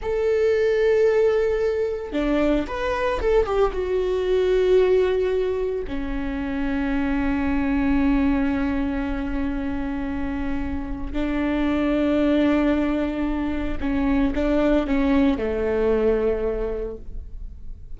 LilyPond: \new Staff \with { instrumentName = "viola" } { \time 4/4 \tempo 4 = 113 a'1 | d'4 b'4 a'8 g'8 fis'4~ | fis'2. cis'4~ | cis'1~ |
cis'1~ | cis'4 d'2.~ | d'2 cis'4 d'4 | cis'4 a2. | }